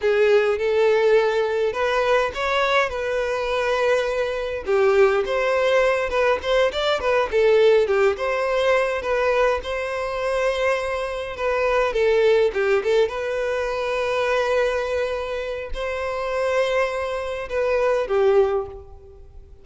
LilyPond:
\new Staff \with { instrumentName = "violin" } { \time 4/4 \tempo 4 = 103 gis'4 a'2 b'4 | cis''4 b'2. | g'4 c''4. b'8 c''8 d''8 | b'8 a'4 g'8 c''4. b'8~ |
b'8 c''2. b'8~ | b'8 a'4 g'8 a'8 b'4.~ | b'2. c''4~ | c''2 b'4 g'4 | }